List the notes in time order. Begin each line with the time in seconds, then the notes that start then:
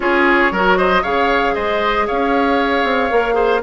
0.00 C#4 F4 G#4 C#5
0.51 F#3 F#4 A#4
0.77 C5 D#5
1.02 C#3 G#4 C#5 F5
1.54 G#3 C5 D#5
2.07 C#4 C#5 F5
2.84 C4
3.10 A#3 A#4
3.33 G#4 C5